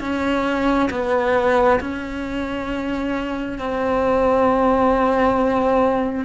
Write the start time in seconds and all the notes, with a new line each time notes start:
0.00 C#4
0.90 B3
1.80 C#4
3.59 C4